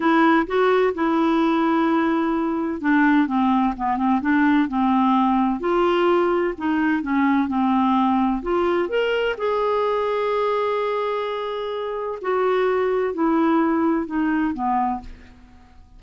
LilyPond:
\new Staff \with { instrumentName = "clarinet" } { \time 4/4 \tempo 4 = 128 e'4 fis'4 e'2~ | e'2 d'4 c'4 | b8 c'8 d'4 c'2 | f'2 dis'4 cis'4 |
c'2 f'4 ais'4 | gis'1~ | gis'2 fis'2 | e'2 dis'4 b4 | }